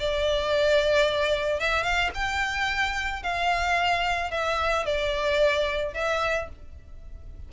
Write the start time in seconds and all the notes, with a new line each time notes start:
0.00 D5
1.60 E5
1.84 F5
2.15 G5
3.23 F5
4.31 E5
4.86 D5
5.95 E5